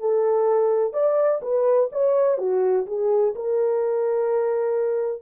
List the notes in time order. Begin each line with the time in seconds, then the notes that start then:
0.00 A4
0.94 D5
1.42 B4
1.92 C#5
2.39 F#4
2.87 G#4
3.35 A#4